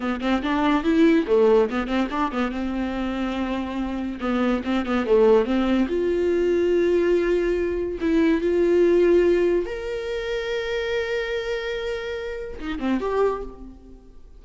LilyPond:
\new Staff \with { instrumentName = "viola" } { \time 4/4 \tempo 4 = 143 b8 c'8 d'4 e'4 a4 | b8 c'8 d'8 b8 c'2~ | c'2 b4 c'8 b8 | a4 c'4 f'2~ |
f'2. e'4 | f'2. ais'4~ | ais'1~ | ais'2 dis'8 c'8 g'4 | }